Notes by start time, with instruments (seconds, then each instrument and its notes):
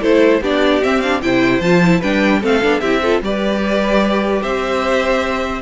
0.00 cello A3, viola E4, violin A4 C5
0.41 cello B3, viola D4, violin G4 D5
0.82 viola C4, cello C4, violin E5
1.00 viola D4, violin F5
1.22 cello C3, viola E4, violin C5 G5
1.60 cello F3, viola F4, violin A5
1.84 viola E4
1.99 cello G3, viola D4, violin B4 G5
2.41 cello A3, viola C4, violin A4 F5
2.61 cello B3, viola D4
2.80 cello C4, viola E4, violin G4 E5
3.01 viola F4, violin A4
3.21 cello G3, viola G4, violin B4 D5
4.42 cello C4, violin C5 E5